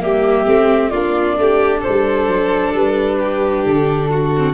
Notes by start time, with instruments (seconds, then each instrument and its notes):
0.00 tuba G3, viola A#3, violin G4, flute E5
0.45 tuba A3, viola C4
0.89 tuba A#3, viola D4, violin F4, flute D5
1.37 tuba A3, violin G4
1.80 violin A4, flute C5
1.87 tuba G3
2.27 tuba F#3
2.73 tuba G3, flute B4
3.19 violin G4
3.65 tuba D3, flute A4
4.10 violin F#4
4.37 viola C4